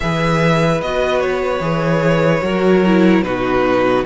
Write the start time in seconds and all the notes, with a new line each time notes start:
0.00 E3 G#4 B4 E5
0.81 B3 F#4 D#5
1.20 C#5
1.60 E3 G#4
2.41 F#3 F#4 A#4
2.85 E4
3.22 B2 D#4 F#4 B4